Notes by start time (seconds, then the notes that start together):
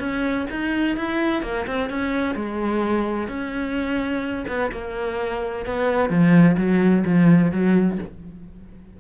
0.00 C#4
0.50 D#4
0.97 E4
1.43 A#3
1.67 C4
1.90 C#4
2.35 G#3
3.28 C#4
4.48 B3
4.72 A#3
5.66 B3
6.10 F3
6.57 F#3
7.05 F3
7.52 F#3